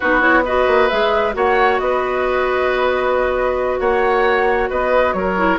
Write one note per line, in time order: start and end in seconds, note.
0.00 0.67 B3
0.00 0.20 D#4
0.00 0.43 F#4
0.00 0.21 B4
0.20 0.43 E4
0.20 0.43 C#5
0.45 0.90 F#4
0.45 1.34 B4
0.45 0.88 D#5
0.67 0.89 A#3
0.88 1.35 G#3
0.88 1.33 G#4
0.88 1.33 E5
1.33 1.79 A#3
1.33 5.36 F#4
1.33 1.81 C#5
1.33 1.78 F#5
1.78 3.80 B3
1.78 3.80 B4
1.78 3.79 D#5
3.79 4.69 A#3
3.79 4.69 C#5
3.79 4.69 F#5
4.69 5.13 B3
4.69 5.14 B4
4.69 5.13 D#5
5.13 5.58 F#3
5.13 5.58 A#4
5.13 5.58 C#5
5.36 5.58 E4